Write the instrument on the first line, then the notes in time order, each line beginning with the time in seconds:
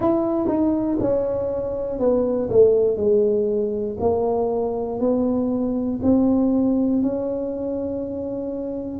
tuba
0.00 E4
0.47 D#4
1.00 C#4
1.99 B3
2.50 A3
2.96 G#3
4.00 A#3
5.00 B3
6.02 C4
7.02 C#4